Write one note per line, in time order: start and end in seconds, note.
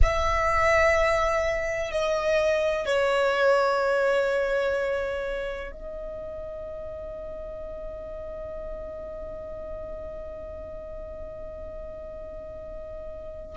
0.02 1.91 E5
1.91 2.85 D#5
2.85 5.71 C#5
5.71 13.56 D#5